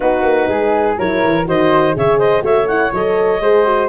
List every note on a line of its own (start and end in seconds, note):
0.00 0.23 B3
0.00 0.97 D#4
0.00 0.48 F#4
0.00 0.97 B4
0.23 0.47 A#3
0.48 0.96 G#3
0.48 0.98 G#4
0.98 1.24 F#3
0.98 1.44 E4
0.98 1.47 A#4
0.98 1.47 C#5
1.25 1.47 E3
1.44 1.95 D#3
1.44 1.93 F#4
1.44 1.96 C5
1.44 1.97 D#5
1.93 2.42 C#3
1.93 2.41 G#4
1.93 2.19 C#5
1.93 2.18 E5
2.18 2.43 C5
2.18 2.43 D#5
2.41 2.90 A3
2.41 2.66 F#4
2.41 3.41 C#5
2.41 2.67 E5
2.67 2.92 E4
2.67 2.91 F#5
2.92 3.40 F#3
2.92 3.41 A4
2.92 3.88 D#5
3.40 3.88 G#3
3.40 3.64 G#4
3.40 3.88 C5
3.64 3.88 F#4